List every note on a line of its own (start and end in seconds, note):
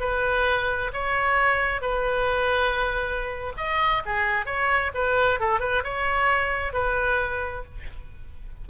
0.00 0.92 B4
0.93 1.82 C#5
1.82 3.53 B4
3.57 4.03 D#5
4.05 4.46 G#4
4.46 4.92 C#5
4.94 5.40 B4
5.40 5.60 A4
5.60 5.83 B4
5.84 6.73 C#5
6.73 7.65 B4